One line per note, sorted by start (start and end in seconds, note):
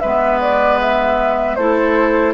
0.00 1.57 G#3
0.00 1.59 B3
0.00 1.58 B4
0.00 0.39 E5
0.41 0.80 D5
0.81 1.56 E5
1.56 2.34 A3
1.56 2.34 E4
1.56 2.34 A4
1.56 2.34 C5